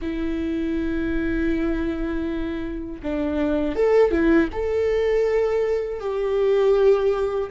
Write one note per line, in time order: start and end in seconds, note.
0.01 3.01 E4
3.02 3.75 D4
3.75 4.11 A4
4.11 4.48 E4
4.52 6.00 A4
6.00 7.50 G4